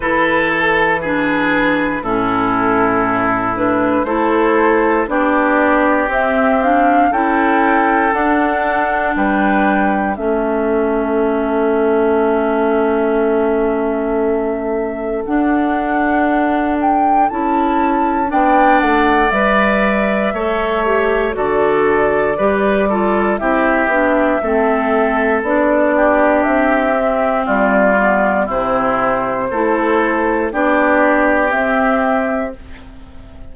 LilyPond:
<<
  \new Staff \with { instrumentName = "flute" } { \time 4/4 \tempo 4 = 59 b'8 a'8 b'4 a'4. b'8 | c''4 d''4 e''8 f''8 g''4 | fis''4 g''4 e''2~ | e''2. fis''4~ |
fis''8 g''8 a''4 g''8 fis''8 e''4~ | e''4 d''2 e''4~ | e''4 d''4 e''4 d''4 | c''2 d''4 e''4 | }
  \new Staff \with { instrumentName = "oboe" } { \time 4/4 a'4 gis'4 e'2 | a'4 g'2 a'4~ | a'4 b'4 a'2~ | a'1~ |
a'2 d''2 | cis''4 a'4 b'8 a'8 g'4 | a'4. g'4. f'4 | e'4 a'4 g'2 | }
  \new Staff \with { instrumentName = "clarinet" } { \time 4/4 e'4 d'4 cis'4. d'8 | e'4 d'4 c'8 d'8 e'4 | d'2 cis'2~ | cis'2. d'4~ |
d'4 e'4 d'4 b'4 | a'8 g'8 fis'4 g'8 f'8 e'8 d'8 | c'4 d'4. c'4 b8 | c'4 e'4 d'4 c'4 | }
  \new Staff \with { instrumentName = "bassoon" } { \time 4/4 e2 a,2 | a4 b4 c'4 cis'4 | d'4 g4 a2~ | a2. d'4~ |
d'4 cis'4 b8 a8 g4 | a4 d4 g4 c'8 b8 | a4 b4 c'4 g4 | c4 a4 b4 c'4 | }
>>